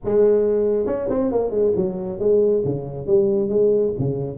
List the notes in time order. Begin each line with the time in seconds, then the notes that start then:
0.04 G#3
0.86 C#4
1.09 C4
1.31 A#3
1.50 G#3
1.75 F#3
2.19 G#3
2.64 C#3
3.06 G3
3.49 G#3
3.98 C#3